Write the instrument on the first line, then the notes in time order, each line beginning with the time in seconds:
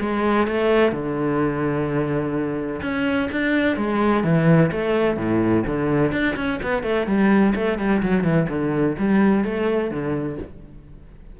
cello
0.00 G#3
0.47 A3
0.92 D3
2.82 C#4
3.32 D4
3.77 G#3
4.24 E3
4.72 A3
5.17 A2
5.67 D3
6.12 D4
6.36 C#4
6.63 B3
6.83 A3
7.07 G3
7.55 A3
7.78 G3
8.02 F#3
8.24 E3
8.49 D3
8.98 G3
9.44 A3
9.91 D3